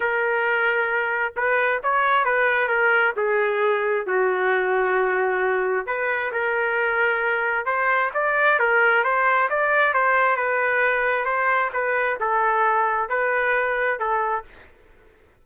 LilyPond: \new Staff \with { instrumentName = "trumpet" } { \time 4/4 \tempo 4 = 133 ais'2. b'4 | cis''4 b'4 ais'4 gis'4~ | gis'4 fis'2.~ | fis'4 b'4 ais'2~ |
ais'4 c''4 d''4 ais'4 | c''4 d''4 c''4 b'4~ | b'4 c''4 b'4 a'4~ | a'4 b'2 a'4 | }